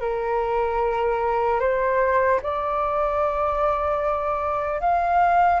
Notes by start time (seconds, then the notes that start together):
0.00 A#4
1.60 C5
2.42 D5
4.80 F5